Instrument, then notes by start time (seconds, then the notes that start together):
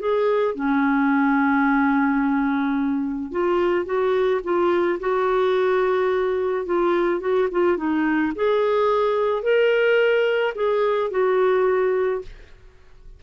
clarinet
0.00 G#4
0.56 C#4
3.32 F4
3.86 F#4
4.44 F4
5.00 F#4
6.66 F4
7.21 F#4
7.52 F4
7.78 D#4
8.36 G#4
9.43 A#4
10.56 G#4
11.11 F#4